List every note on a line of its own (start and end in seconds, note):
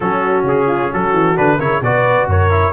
0.00 0.43 F#3
0.00 1.36 C#4
0.00 0.66 F#4
0.00 0.45 A4
0.43 0.88 C#3
0.43 0.93 G#4
0.66 0.89 F4
0.91 1.13 F#3
0.91 1.57 F#4
0.91 1.37 A4
1.13 1.36 E3
1.36 1.59 D3
1.36 1.58 D4
1.36 1.59 B4
1.57 1.81 C#3
1.57 1.82 E4
1.57 1.80 A#4
1.57 1.82 C#5
1.81 2.26 B2
1.81 2.50 F#4
1.81 2.29 B4
1.81 2.28 D5
2.26 2.72 F#2
2.26 2.72 A#4
2.26 2.72 C#5
2.50 2.72 E4